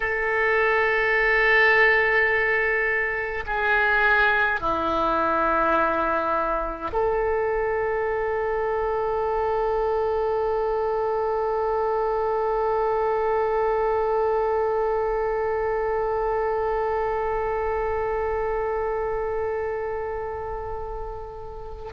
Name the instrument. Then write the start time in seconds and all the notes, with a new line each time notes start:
oboe
0.00 A4
3.46 G#4
4.60 E4
6.92 A4